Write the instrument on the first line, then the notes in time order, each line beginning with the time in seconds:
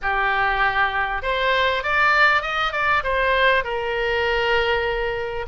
oboe
0.02 G4
1.22 C5
1.83 D5
2.42 D#5
2.72 D5
3.03 C5
3.64 A#4